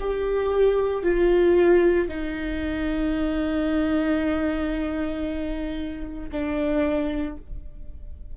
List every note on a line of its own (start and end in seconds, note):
0.00 1.03 G4
1.03 2.08 F4
2.08 6.29 D#4
6.32 7.37 D4